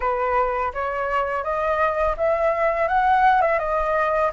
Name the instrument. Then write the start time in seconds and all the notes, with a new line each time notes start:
flute
0.00 B4
0.73 C#5
1.43 D#5
2.17 E5
2.88 F#5
3.41 E5
3.58 D#5